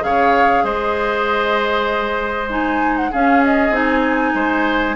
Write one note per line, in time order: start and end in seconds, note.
0.00 0.63 C#3
0.00 2.47 G#4
0.00 0.64 C#5
0.00 0.65 F5
0.63 3.11 G#3
0.63 3.11 C5
0.63 2.50 D#5
2.49 3.11 D#4
2.49 2.97 G#5
2.97 3.12 F#5
3.11 3.72 C#4
3.11 3.70 C#4
3.11 4.35 G#4
3.11 3.43 F5
3.44 3.75 D#5
3.70 4.32 C4
3.70 4.96 D#4
3.70 4.96 G#5
4.34 4.96 G#3
4.34 4.96 C5